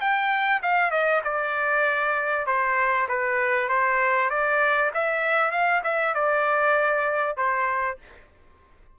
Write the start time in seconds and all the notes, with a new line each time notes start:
0.00 G5
0.62 F5
0.90 D#5
1.24 D5
2.46 C5
3.08 B4
3.68 C5
4.30 D5
4.94 E5
5.51 F5
5.83 E5
6.14 D5
7.36 C5